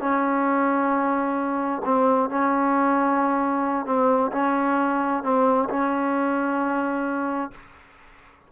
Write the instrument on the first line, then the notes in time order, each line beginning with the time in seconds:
trombone
0.00 C#4
1.85 C4
2.30 C#4
3.86 C4
4.32 C#4
5.23 C4
5.69 C#4